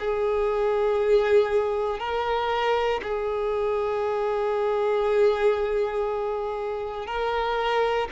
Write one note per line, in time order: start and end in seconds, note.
0.00 2.00 G#4
2.00 3.01 A#4
3.03 7.07 G#4
7.07 8.08 A#4